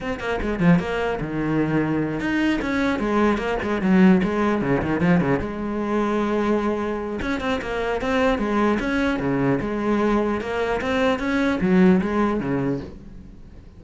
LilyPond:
\new Staff \with { instrumentName = "cello" } { \time 4/4 \tempo 4 = 150 c'8 ais8 gis8 f8 ais4 dis4~ | dis4. dis'4 cis'4 gis8~ | gis8 ais8 gis8 fis4 gis4 cis8 | dis8 f8 cis8 gis2~ gis8~ |
gis2 cis'8 c'8 ais4 | c'4 gis4 cis'4 cis4 | gis2 ais4 c'4 | cis'4 fis4 gis4 cis4 | }